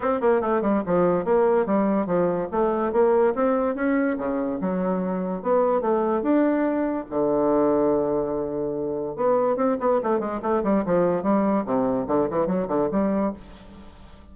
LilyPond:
\new Staff \with { instrumentName = "bassoon" } { \time 4/4 \tempo 4 = 144 c'8 ais8 a8 g8 f4 ais4 | g4 f4 a4 ais4 | c'4 cis'4 cis4 fis4~ | fis4 b4 a4 d'4~ |
d'4 d2.~ | d2 b4 c'8 b8 | a8 gis8 a8 g8 f4 g4 | c4 d8 e8 fis8 d8 g4 | }